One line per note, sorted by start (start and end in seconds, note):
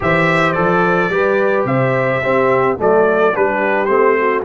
0.00 0.57 E3
0.00 0.55 G4
0.00 1.12 C5
0.00 0.52 E5
0.52 1.09 F3
0.52 1.10 A4
0.52 1.63 D5
1.09 1.64 G3
1.09 2.21 G4
1.09 1.67 B4
1.64 2.20 C3
1.64 2.22 C5
1.64 2.77 E5
2.23 2.79 C4
2.23 2.77 C4
2.23 2.78 G4
2.77 3.35 F#3
2.77 3.33 A3
2.77 3.34 A4
2.77 3.36 D5
3.34 3.88 G3
3.34 3.87 D4
3.34 4.19 G4
3.34 3.85 B4
3.85 4.43 A3
3.85 4.42 C4
3.85 4.40 C5
4.19 4.44 F#4